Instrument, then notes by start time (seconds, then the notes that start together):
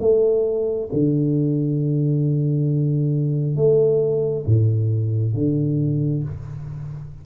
tuba
0.00 A3
0.93 D3
3.57 A3
4.46 A2
5.34 D3